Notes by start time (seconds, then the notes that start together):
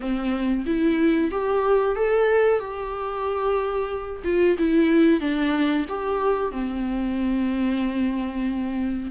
0.00 C4
0.66 E4
1.31 G4
1.95 A4
2.59 G4
4.24 F4
4.58 E4
5.20 D4
5.89 G4
6.51 C4